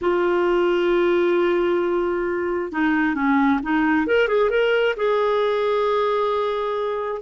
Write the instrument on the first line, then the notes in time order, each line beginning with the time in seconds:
clarinet
0.01 F4
2.72 D#4
3.15 C#4
3.62 D#4
4.06 A#4
4.28 G#4
4.50 A#4
4.96 G#4